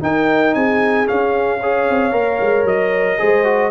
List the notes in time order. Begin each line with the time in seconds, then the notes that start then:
0.00 D#4 A#4 G5
0.54 C4 G#4 G#5
1.05 C#4 F5
1.59 G#4 C#5
1.89 C4
2.12 A#3 A#4
2.40 G#3
2.64 F#3 D#5
3.18 G#3 G#4 C5
3.44 F#4